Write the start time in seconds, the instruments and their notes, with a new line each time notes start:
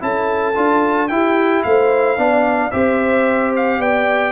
0.00 tuba C#4, trombone E4, horn A4, trumpet A5
0.55 tuba D4, trombone F4
1.08 trombone E4, tuba E4, horn G4, trumpet G5
1.63 tuba A3, horn C5, trumpet F5
2.17 tuba B3, trombone D4, horn D5
2.71 tuba C4, trombone G4, horn C5, trumpet E5
3.56 trumpet F5
3.78 tuba B3, horn D5, trumpet G5